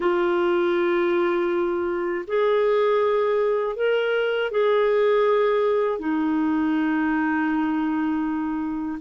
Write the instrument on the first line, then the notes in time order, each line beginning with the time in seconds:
clarinet
0.00 F4
2.27 G#4
3.76 A#4
4.51 G#4
5.98 D#4